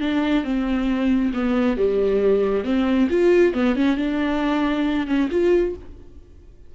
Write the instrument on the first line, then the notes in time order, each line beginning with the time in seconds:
viola
0.00 D4
0.44 C4
1.33 B3
1.77 G3
2.64 C4
3.10 F4
3.53 B3
3.75 C#4
3.96 D4
5.06 C#4
5.30 F4